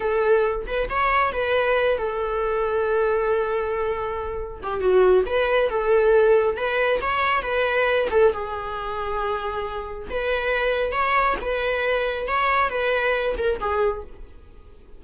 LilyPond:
\new Staff \with { instrumentName = "viola" } { \time 4/4 \tempo 4 = 137 a'4. b'8 cis''4 b'4~ | b'8 a'2.~ a'8~ | a'2~ a'8 g'8 fis'4 | b'4 a'2 b'4 |
cis''4 b'4. a'8 gis'4~ | gis'2. b'4~ | b'4 cis''4 b'2 | cis''4 b'4. ais'8 gis'4 | }